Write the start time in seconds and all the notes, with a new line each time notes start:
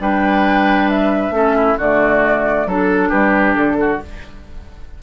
0.00 G3 D4 B4 G5
0.89 E5
1.30 A3 C#4 A4
1.56 E4
1.77 D3 A3 F#4 D5
2.66 F#3 D4 A4
3.09 G3 G4 B4
3.55 D3 A4
3.80 F#4